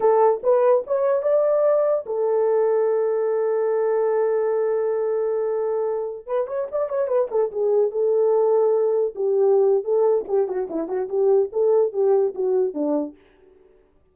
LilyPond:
\new Staff \with { instrumentName = "horn" } { \time 4/4 \tempo 4 = 146 a'4 b'4 cis''4 d''4~ | d''4 a'2.~ | a'1~ | a'2.~ a'16 b'8 cis''16~ |
cis''16 d''8 cis''8 b'8 a'8 gis'4 a'8.~ | a'2~ a'16 g'4.~ g'16 | a'4 g'8 fis'8 e'8 fis'8 g'4 | a'4 g'4 fis'4 d'4 | }